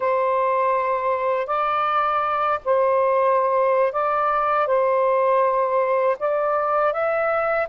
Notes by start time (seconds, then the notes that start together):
0.00 C5
1.46 D5
2.65 C5
3.92 D5
4.66 C5
6.19 D5
6.92 E5